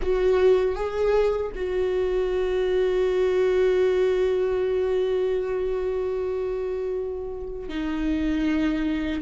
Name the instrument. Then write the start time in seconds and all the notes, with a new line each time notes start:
viola
0.02 F#4
0.75 G#4
1.55 F#4
7.69 D#4